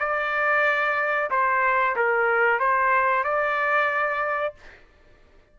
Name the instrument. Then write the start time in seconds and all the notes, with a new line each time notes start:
trumpet
0.00 D5
1.31 C5
1.97 A#4
2.60 C5
3.24 D5